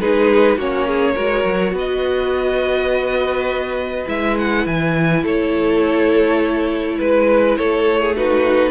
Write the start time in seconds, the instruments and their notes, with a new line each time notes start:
0.00 cello G#3, viola D#4, violin G#4 B4
0.57 cello A#3, viola C#4, violin F#4 C#5
0.87 violin G#4
1.14 cello G#3, viola F#4, violin A#4
1.44 cello F#3
1.72 cello B3, violin B4 D#5
4.06 cello G#3, viola E4, violin E5
4.38 violin F#5
4.66 cello E3, violin G#5
5.22 cello A3, violin A4 C#5
6.98 cello G#3, violin B4
7.56 cello A3, violin A4 C#5
8.01 violin G#4
8.16 viola D#4, violin F#4 B4